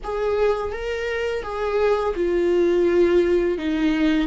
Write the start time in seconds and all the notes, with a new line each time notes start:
0.03 G#4
0.72 A#4
1.43 G#4
2.15 F4
3.57 D#4